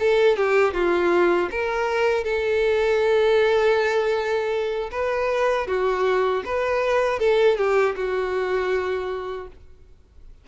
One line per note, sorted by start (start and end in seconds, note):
0.00 0.37 A4
0.37 0.74 G4
0.74 1.50 F4
1.52 2.25 A#4
2.25 4.91 A4
4.92 5.68 B4
5.68 6.43 F#4
6.46 7.19 B4
7.19 7.57 A4
7.57 7.95 G4
7.96 9.48 F#4